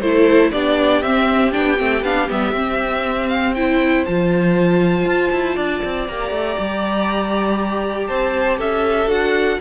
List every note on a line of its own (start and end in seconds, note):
0.00 0.51 A3
0.00 0.53 E4
0.00 0.51 A4
0.00 0.50 C5
0.51 1.03 B3
0.51 1.03 D4
0.51 3.55 G4
0.51 1.02 D5
1.02 1.53 C4
1.02 1.52 C4
1.02 1.52 E5
1.52 1.80 B3
1.52 1.77 D4
1.52 2.03 G5
1.78 2.02 A3
1.78 2.03 C4
2.02 2.27 B3
2.02 2.29 D4
2.02 2.29 F5
2.29 2.52 G3
2.29 2.54 B3
2.29 3.28 E5
2.52 4.03 C4
2.52 3.55 C4
3.28 3.53 F5
3.54 4.06 E4
3.54 5.55 C5
3.54 4.04 G5
4.05 5.05 F3
4.05 6.08 F4
4.05 6.07 A5
5.05 5.30 F4
5.32 5.56 E4
5.55 5.82 D4
5.55 8.07 D5
5.84 6.08 C4
6.07 6.30 A#3
6.07 9.08 G4
6.07 8.07 A#5
6.30 6.55 A3
6.58 8.09 G3
8.07 8.59 C4
8.07 8.58 C5
8.07 8.57 A5
8.58 9.06 C#4
8.58 9.58 A4
8.58 9.10 E5
9.06 9.57 D4
9.06 9.58 F#4
9.06 9.60 F#5